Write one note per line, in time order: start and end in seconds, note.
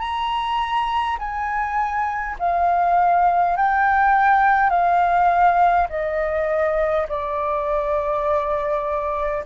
0.00 1.18 A#5
1.19 2.36 G#5
2.40 3.57 F5
3.57 4.70 G5
4.70 5.88 F5
5.90 7.07 D#5
7.09 9.44 D5